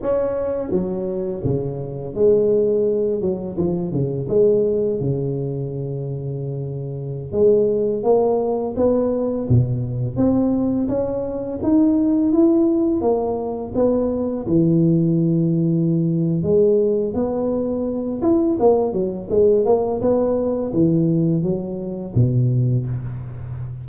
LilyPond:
\new Staff \with { instrumentName = "tuba" } { \time 4/4 \tempo 4 = 84 cis'4 fis4 cis4 gis4~ | gis8 fis8 f8 cis8 gis4 cis4~ | cis2~ cis16 gis4 ais8.~ | ais16 b4 b,4 c'4 cis'8.~ |
cis'16 dis'4 e'4 ais4 b8.~ | b16 e2~ e8. gis4 | b4. e'8 ais8 fis8 gis8 ais8 | b4 e4 fis4 b,4 | }